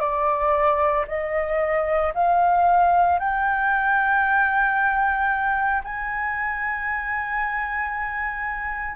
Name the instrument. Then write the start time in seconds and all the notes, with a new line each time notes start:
flute
0.00 D5
1.08 D#5
2.14 F5
3.19 G5
5.84 G#5